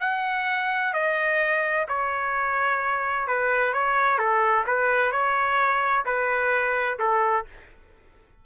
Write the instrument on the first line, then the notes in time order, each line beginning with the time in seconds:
trumpet
0.00 F#5
0.93 D#5
1.88 C#5
3.27 B4
3.73 C#5
4.18 A4
4.66 B4
5.11 C#5
6.05 B4
6.99 A4